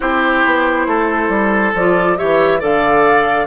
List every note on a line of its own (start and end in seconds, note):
0.00 0.44 C4
0.00 1.74 E4
0.00 0.87 G4
0.00 1.74 C5
0.45 0.87 B3
0.87 1.28 A3
0.87 2.18 A4
1.28 1.72 G3
1.74 2.17 F3
1.74 2.16 F4
1.74 2.17 D5
2.16 2.62 E3
2.16 2.59 G4
2.16 2.59 C#5
2.16 2.60 E5
2.59 3.46 D3
2.59 3.46 A4
2.59 3.46 D5
2.59 3.46 F5